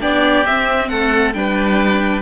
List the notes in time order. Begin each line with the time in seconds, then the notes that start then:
0.00 B3 D4 G4 D5
0.46 C4 E5
0.89 A3 A4 F#5
1.33 G3 D4 B4 G5